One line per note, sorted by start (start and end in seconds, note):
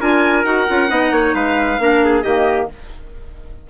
0.00 0.44 D4
0.00 0.44 F4
0.00 0.89 A#4
0.00 0.44 G#5
0.44 0.66 D#4
0.44 0.66 F#4
0.44 1.34 F#5
0.67 0.89 C#4
0.67 0.88 F4
0.88 1.10 B3
0.88 1.77 D#4
0.88 1.12 D#5
1.10 1.33 A#3
1.10 1.34 C#5
1.34 1.78 G#3
1.34 1.79 B4
1.34 2.22 F5
1.78 2.23 A#3
1.78 2.24 D4
1.78 2.04 A#4
2.04 2.24 G#4
2.22 2.69 D#3
2.22 2.69 A#3
2.22 2.69 G4
2.22 2.67 D#5